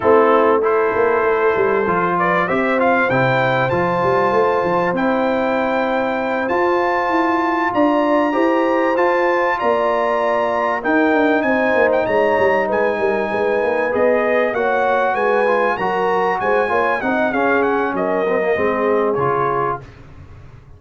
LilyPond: <<
  \new Staff \with { instrumentName = "trumpet" } { \time 4/4 \tempo 4 = 97 a'4 c''2~ c''8 d''8 | e''8 f''8 g''4 a''2 | g''2~ g''8 a''4.~ | a''8 ais''2 a''4 ais''8~ |
ais''4. g''4 gis''8. g''16 ais''8~ | ais''8 gis''2 dis''4 fis''8~ | fis''8 gis''4 ais''4 gis''4 fis''8 | f''8 fis''8 dis''2 cis''4 | }
  \new Staff \with { instrumentName = "horn" } { \time 4/4 e'4 a'2~ a'8 b'8 | c''1~ | c''1~ | c''8 d''4 c''2 d''8~ |
d''4. ais'4 c''4 cis''8~ | cis''8 b'8 ais'8 b'2 cis''8~ | cis''8 b'4 ais'4 c''8 cis''8 dis''8 | gis'4 ais'4 gis'2 | }
  \new Staff \with { instrumentName = "trombone" } { \time 4/4 c'4 e'2 f'4 | g'8 f'8 e'4 f'2 | e'2~ e'8 f'4.~ | f'4. g'4 f'4.~ |
f'4. dis'2~ dis'8~ | dis'2~ dis'8 gis'4 fis'8~ | fis'4 f'8 fis'4. f'8 dis'8 | cis'4. c'16 ais16 c'4 f'4 | }
  \new Staff \with { instrumentName = "tuba" } { \time 4/4 a4. ais8 a8 g8 f4 | c'4 c4 f8 g8 a8 f8 | c'2~ c'8 f'4 e'8~ | e'8 d'4 e'4 f'4 ais8~ |
ais4. dis'8 d'8 c'8 ais8 gis8 | g8 gis8 g8 gis8 ais8 b4 ais8~ | ais8 gis4 fis4 gis8 ais8 c'8 | cis'4 fis4 gis4 cis4 | }
>>